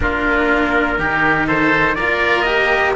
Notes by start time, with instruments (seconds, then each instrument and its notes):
0.00 cello A#3 D4, oboe F4, trumpet A#4
0.98 cello D#3 D#4, oboe G4
1.46 oboe A4, trumpet C5
1.95 cello A#3 F4, oboe A#4, trumpet D5
2.42 cello G4, trumpet D#5